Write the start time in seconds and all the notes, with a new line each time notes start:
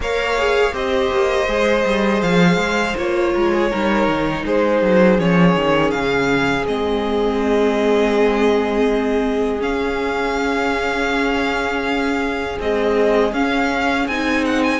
0.00 A#3 A#4 C#5 F5
0.37 G#4
0.73 C4 G4 C5 D#5
1.11 A#3
1.47 G#3 G#4
1.85 G3
2.21 F3 F5
2.57 G#3
2.97 A#3 F4 C#5
3.33 G#3 A#4
3.53 G#4
3.70 G3 D#4 A#4
4.07 D#3
4.45 G#3 G#4 C5
4.81 F#3
5.18 F3 C#4 C#5
5.55 D#3
5.90 C#3 F5
6.66 G#3 C4 D#5
9.59 C#4 F5
12.59 G#3 C4 D#5
13.32 C#4 F5
14.07 C4 D#4 G#5
14.45 F#5
14.63 G#5